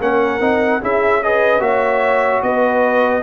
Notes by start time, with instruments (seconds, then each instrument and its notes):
0.00 tuba A#3, trombone C#4, horn A#4, trumpet F#5
0.40 tuba C4, trombone D#4
0.81 tuba C#4, trombone E4, horn G#4, trumpet E5
1.22 trombone G#4, horn B4, trumpet D#5
1.59 tuba A#3, trombone F#4, horn C#5, trumpet E5
2.42 tuba B3, horn B4, trumpet D#5